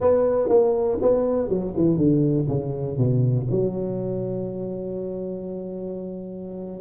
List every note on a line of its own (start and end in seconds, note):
0.00 0.48 B3
0.48 0.98 A#3
1.01 1.49 B3
1.49 1.73 F#3
1.76 1.97 E3
1.97 2.46 D3
2.48 2.97 C#3
2.97 3.47 B2
3.50 6.81 F#3